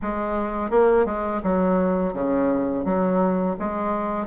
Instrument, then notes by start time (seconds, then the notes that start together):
bassoon
0.02 G#3
0.70 A#3
1.05 G#3
1.43 F#3
2.13 C#3
2.84 F#3
3.59 G#3